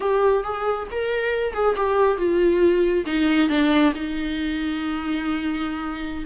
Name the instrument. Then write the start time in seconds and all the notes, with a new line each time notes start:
viola
0.00 G4
0.43 G#4
0.91 A#4
1.53 G#4
1.76 G4
2.17 F4
3.06 D#4
3.49 D4
3.95 D#4